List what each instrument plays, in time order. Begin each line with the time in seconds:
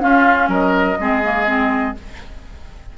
0.00 clarinet C#4, bassoon C#4, oboe F4, flute F5
0.48 bassoon F#3, oboe A#4, flute D#5
1.00 bassoon G#3, clarinet C4, oboe G#4
1.23 clarinet A#3
1.46 clarinet C4